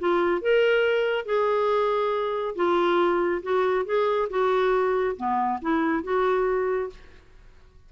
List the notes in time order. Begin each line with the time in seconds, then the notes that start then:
0.00 F4
0.42 A#4
1.26 G#4
2.56 F4
3.43 F#4
3.86 G#4
4.30 F#4
5.17 B3
5.62 E4
6.04 F#4